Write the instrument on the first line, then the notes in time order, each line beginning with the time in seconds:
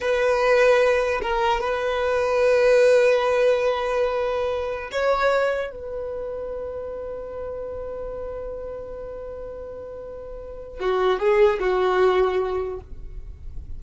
violin
0.01 B4
1.21 A#4
1.60 B4
4.91 C#5
5.71 B4
10.79 F#4
11.19 G#4
11.59 F#4